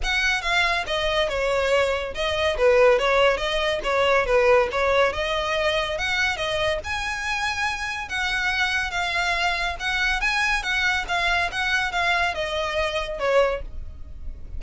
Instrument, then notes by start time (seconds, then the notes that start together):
violin
0.03 F#5
0.41 F5
0.86 D#5
1.29 C#5
2.14 D#5
2.57 B4
2.98 C#5
3.37 D#5
3.83 C#5
4.26 B4
4.71 C#5
5.13 D#5
5.98 F#5
6.36 D#5
6.83 G#5
8.08 F#5
8.91 F5
9.79 F#5
10.20 G#5
10.62 F#5
11.08 F5
11.51 F#5
11.92 F5
12.34 D#5
13.19 C#5